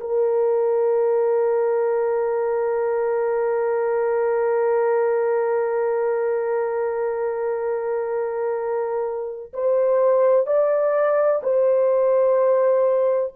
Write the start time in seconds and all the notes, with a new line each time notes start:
0.00 A#4
9.53 C5
10.47 D5
11.43 C5